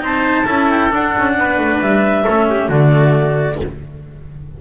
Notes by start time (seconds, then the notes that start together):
0.00 C4 D#4 C5 A5
0.45 C#4 E4 A4
0.70 G5
0.90 D4 F#5
1.17 C#4
1.38 B3 B4
1.57 A3
1.81 G3 E5
2.25 A3 C#4 A4
2.50 G4
2.68 D3 A3 F#4 D5